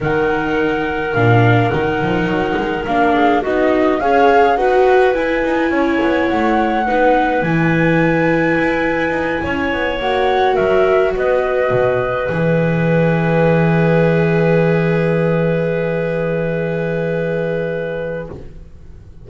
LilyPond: <<
  \new Staff \with { instrumentName = "flute" } { \time 4/4 \tempo 4 = 105 fis''2 f''4 fis''4~ | fis''4 f''4 dis''4 f''4 | fis''4 gis''2 fis''4~ | fis''4 gis''2.~ |
gis''4. fis''4 e''4 dis''8~ | dis''4. e''2~ e''8~ | e''1~ | e''1 | }
  \new Staff \with { instrumentName = "clarinet" } { \time 4/4 ais'1~ | ais'4. gis'8 fis'4 cis''4 | b'2 cis''2 | b'1~ |
b'8 cis''2 ais'4 b'8~ | b'1~ | b'1~ | b'1 | }
  \new Staff \with { instrumentName = "viola" } { \time 4/4 dis'2 d'4 dis'4~ | dis'4 d'4 dis'4 gis'4 | fis'4 e'2. | dis'4 e'2.~ |
e'4. fis'2~ fis'8~ | fis'4. gis'2~ gis'8~ | gis'1~ | gis'1 | }
  \new Staff \with { instrumentName = "double bass" } { \time 4/4 dis2 ais,4 dis8 f8 | fis8 gis8 ais4 b4 cis'4 | dis'4 e'8 dis'8 cis'8 b8 a4 | b4 e2 e'4 |
dis'8 cis'8 b8 ais4 fis4 b8~ | b8 b,4 e2~ e8~ | e1~ | e1 | }
>>